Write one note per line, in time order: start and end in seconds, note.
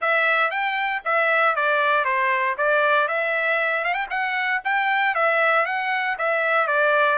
0.01 0.50 E5
0.50 1.02 G5
1.04 1.55 E5
1.55 2.04 D5
2.04 2.56 C5
2.57 3.08 D5
3.08 3.84 E5
3.84 3.93 F5
3.93 4.06 G5
4.10 4.61 F#5
4.64 5.14 G5
5.14 5.65 E5
5.65 6.17 F#5
6.18 6.67 E5
6.67 7.18 D5